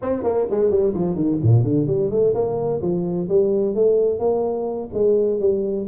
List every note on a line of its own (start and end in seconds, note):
0.02 0.23 C4
0.23 0.46 A#3
0.50 0.70 G#3
0.70 0.93 G3
0.94 1.15 F3
1.15 1.38 D#3
1.42 1.63 A#2
1.63 1.86 D3
1.86 2.10 G3
2.10 2.34 A3
2.34 2.81 A#3
2.81 3.28 F3
3.28 3.74 G3
3.74 4.19 A3
4.19 4.89 A#3
4.93 5.39 G#3
5.39 5.86 G3